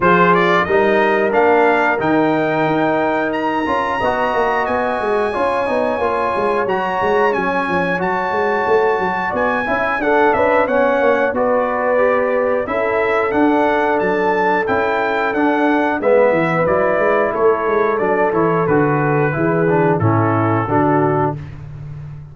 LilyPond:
<<
  \new Staff \with { instrumentName = "trumpet" } { \time 4/4 \tempo 4 = 90 c''8 d''8 dis''4 f''4 g''4~ | g''4 ais''2 gis''4~ | gis''2 ais''4 gis''4 | a''2 gis''4 fis''8 e''8 |
fis''4 d''2 e''4 | fis''4 a''4 g''4 fis''4 | e''4 d''4 cis''4 d''8 cis''8 | b'2 a'2 | }
  \new Staff \with { instrumentName = "horn" } { \time 4/4 gis'4 ais'2.~ | ais'2 dis''2 | cis''1~ | cis''2 d''8 e''8 a'8 b'8 |
cis''4 b'2 a'4~ | a'1 | b'2 a'2~ | a'4 gis'4 e'4 fis'4 | }
  \new Staff \with { instrumentName = "trombone" } { \time 4/4 f'4 dis'4 d'4 dis'4~ | dis'4. f'8 fis'2 | f'8 dis'8 f'4 fis'4 cis'4 | fis'2~ fis'8 e'8 d'4 |
cis'4 fis'4 g'4 e'4 | d'2 e'4 d'4 | b4 e'2 d'8 e'8 | fis'4 e'8 d'8 cis'4 d'4 | }
  \new Staff \with { instrumentName = "tuba" } { \time 4/4 f4 g4 ais4 dis4 | dis'4. cis'8 b8 ais8 b8 gis8 | cis'8 b8 ais8 gis8 fis8 gis8 fis8 f8 | fis8 gis8 a8 fis8 b8 cis'8 d'8 cis'8 |
b8 ais8 b2 cis'4 | d'4 fis4 cis'4 d'4 | gis8 e8 fis8 gis8 a8 gis8 fis8 e8 | d4 e4 a,4 d4 | }
>>